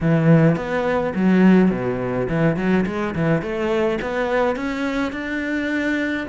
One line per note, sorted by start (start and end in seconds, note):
0.00 0.56 E3
0.56 1.13 B3
1.15 1.70 F#3
1.70 2.28 B2
2.28 2.56 E3
2.56 2.85 F#3
2.86 3.14 G#3
3.15 3.41 E3
3.41 3.98 A3
4.01 4.56 B3
4.56 5.12 C#4
5.12 6.26 D4